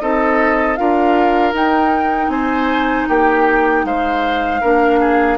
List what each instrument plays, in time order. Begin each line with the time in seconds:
0.00 bassoon C4, clarinet D#4, oboe A4, flute D#5
0.76 bassoon D4, clarinet F4, oboe A#4, flute F5
1.53 bassoon D#4, clarinet D#4, flute G5
2.29 bassoon C4, oboe C5, flute G#5
3.09 bassoon A#3, oboe G4, flute G5
3.85 bassoon G#3, oboe C5, flute F5
4.61 bassoon A#3, clarinet D4, oboe A#4
5.01 oboe G#4